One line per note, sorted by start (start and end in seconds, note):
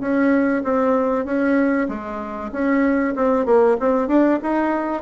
0.00 0.62 C#4
0.63 1.25 C4
1.25 1.87 C#4
1.88 2.51 G#3
2.52 3.14 C#4
3.15 3.45 C4
3.45 3.76 A#3
3.80 4.08 C4
4.08 4.39 D4
4.42 5.02 D#4